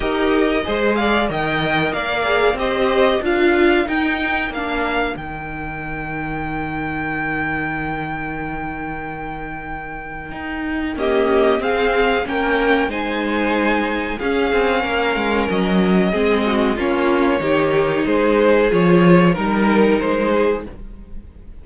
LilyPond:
<<
  \new Staff \with { instrumentName = "violin" } { \time 4/4 \tempo 4 = 93 dis''4. f''8 g''4 f''4 | dis''4 f''4 g''4 f''4 | g''1~ | g''1~ |
g''4 dis''4 f''4 g''4 | gis''2 f''2 | dis''2 cis''2 | c''4 cis''4 ais'4 c''4 | }
  \new Staff \with { instrumentName = "violin" } { \time 4/4 ais'4 c''8 d''8 dis''4 d''4 | c''4 ais'2.~ | ais'1~ | ais'1~ |
ais'4 g'4 gis'4 ais'4 | c''2 gis'4 ais'4~ | ais'4 gis'8 fis'8 f'4 g'4 | gis'2 ais'4. gis'8 | }
  \new Staff \with { instrumentName = "viola" } { \time 4/4 g'4 gis'4 ais'4. gis'8 | g'4 f'4 dis'4 d'4 | dis'1~ | dis'1~ |
dis'4 ais4 c'4 cis'4 | dis'2 cis'2~ | cis'4 c'4 cis'4 dis'4~ | dis'4 f'4 dis'2 | }
  \new Staff \with { instrumentName = "cello" } { \time 4/4 dis'4 gis4 dis4 ais4 | c'4 d'4 dis'4 ais4 | dis1~ | dis1 |
dis'4 cis'4 c'4 ais4 | gis2 cis'8 c'8 ais8 gis8 | fis4 gis4 ais4 dis4 | gis4 f4 g4 gis4 | }
>>